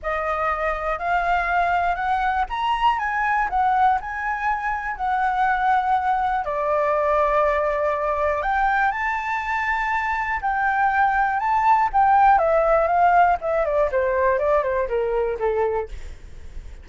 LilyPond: \new Staff \with { instrumentName = "flute" } { \time 4/4 \tempo 4 = 121 dis''2 f''2 | fis''4 ais''4 gis''4 fis''4 | gis''2 fis''2~ | fis''4 d''2.~ |
d''4 g''4 a''2~ | a''4 g''2 a''4 | g''4 e''4 f''4 e''8 d''8 | c''4 d''8 c''8 ais'4 a'4 | }